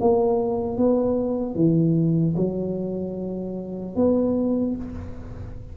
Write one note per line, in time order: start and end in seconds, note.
0.00 0.77 A#3
0.77 1.55 B3
1.55 2.35 E3
2.36 3.96 F#3
3.96 4.76 B3